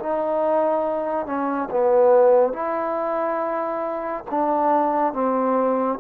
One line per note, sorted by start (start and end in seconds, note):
0.00 1.26 D#4
1.26 1.69 C#4
1.71 2.53 B3
2.53 4.25 E4
4.31 5.14 D4
5.14 5.99 C4